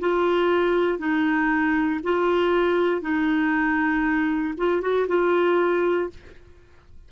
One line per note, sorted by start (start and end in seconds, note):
0.00 0.98 F4
0.98 2.00 D#4
2.03 3.02 F4
3.02 4.54 D#4
4.57 4.81 F4
4.81 5.07 F#4
5.08 6.10 F4